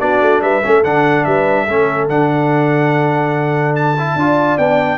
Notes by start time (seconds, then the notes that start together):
0.00 B3 D4 F#4 D5
0.22 A3
0.42 G3 B4 E5
0.63 A3 C#4 A4
0.84 D3 D4 F#5
1.25 G3 B4 E5
1.64 A3 C#4 A4
2.09 D3 D4 F#5
3.76 A5
3.99 E4
4.16 D4 F4 D5
4.58 B3 D4 G5